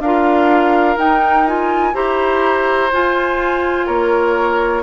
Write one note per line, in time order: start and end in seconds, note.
0.00 0.97 D4
0.00 0.97 F4
0.00 1.94 A#4
0.00 0.98 F5
0.97 1.46 D#4
0.97 1.94 D#4
0.97 1.47 G5
1.47 1.94 F4
1.47 1.95 G#5
1.94 2.91 E4
1.94 2.90 G4
1.94 3.86 C5
1.94 2.92 A#5
2.93 4.83 F4
2.93 3.88 F4
2.93 3.87 G#5
3.86 4.83 A#3
3.86 4.83 A#4
3.86 4.83 C#5